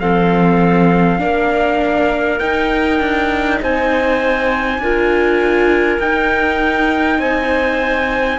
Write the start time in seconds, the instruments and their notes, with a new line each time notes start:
0.00 cello F3, viola C4, clarinet A4, trumpet F5
1.19 cello A#3, viola D4, clarinet A#4
2.40 cello D#4, viola D#4, trumpet G5
3.00 cello D4
3.61 cello C4, clarinet C5, trumpet G#5
4.79 cello D4, viola F4, clarinet A#4
5.99 cello D#4, viola D#4, trumpet G5
7.19 cello C4, clarinet C5, trumpet G#5